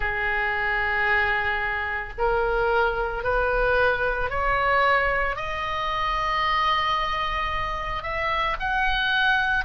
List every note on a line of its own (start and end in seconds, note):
0.00 2.13 G#4
2.17 3.23 A#4
3.23 4.30 B4
4.30 5.36 C#5
5.36 8.03 D#5
8.03 8.56 E5
8.60 9.64 F#5